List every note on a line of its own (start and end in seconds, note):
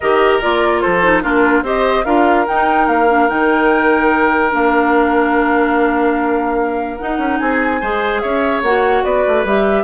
0.00 0.43 D#3
0.00 0.41 G4
0.00 0.82 A#4
0.00 0.39 D#5
0.41 0.84 A#3
0.41 1.03 F4
0.41 0.80 D5
0.80 1.24 F3
0.80 1.22 A4
0.80 1.22 C5
1.03 1.23 D#4
1.22 1.62 A#3
1.22 1.64 D4
1.22 1.63 F4
1.22 1.64 A#4
1.62 2.03 C4
1.62 2.05 G4
1.62 2.05 C5
1.62 2.05 D#5
2.05 2.46 D4
2.05 2.46 F4
2.05 7.39 A#4
2.05 2.46 F5
2.47 3.08 D#4
2.47 2.87 D#4
2.47 2.88 G5
2.87 3.28 A#3
2.87 3.28 F5
3.08 3.28 D4
3.28 4.53 D#3
3.28 4.50 D#4
3.28 4.52 G5
4.50 6.99 A#3
4.50 6.97 D4
4.50 6.98 F5
6.98 7.81 D#4
6.98 7.18 D#4
6.98 7.38 F#5
7.18 7.38 C#4
7.38 7.81 C4
7.38 7.80 G#4
7.38 8.20 G#5
7.80 8.23 G#3
7.80 8.64 G#4
7.80 8.21 C5
8.20 8.62 C#4
8.20 9.04 C#5
8.20 8.61 E5
8.62 9.03 A#3
8.62 9.46 F#4
8.62 9.03 F#5
9.03 9.24 B3
9.03 9.83 B4
9.03 9.45 D5
9.27 9.44 A3
9.44 9.83 G3
9.44 9.83 G4
9.44 9.83 E5